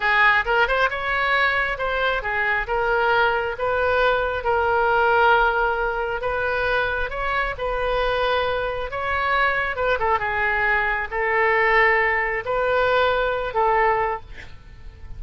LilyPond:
\new Staff \with { instrumentName = "oboe" } { \time 4/4 \tempo 4 = 135 gis'4 ais'8 c''8 cis''2 | c''4 gis'4 ais'2 | b'2 ais'2~ | ais'2 b'2 |
cis''4 b'2. | cis''2 b'8 a'8 gis'4~ | gis'4 a'2. | b'2~ b'8 a'4. | }